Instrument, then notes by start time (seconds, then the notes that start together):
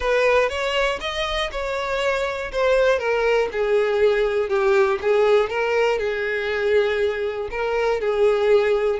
violin
0.00 B4
0.49 C#5
1.00 D#5
1.51 C#5
2.52 C5
2.99 A#4
3.52 G#4
4.49 G4
5.01 G#4
5.49 A#4
5.99 G#4
7.50 A#4
8.00 G#4